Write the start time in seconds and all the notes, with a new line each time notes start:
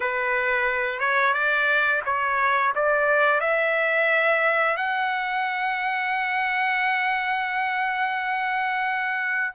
0.00 B4
0.99 C#5
1.33 D5
2.05 C#5
2.75 D5
3.40 E5
4.76 F#5